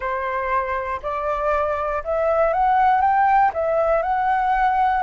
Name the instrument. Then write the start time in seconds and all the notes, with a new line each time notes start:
flute
0.00 C5
1.02 D5
2.04 E5
2.53 F#5
3.01 G5
3.53 E5
4.02 F#5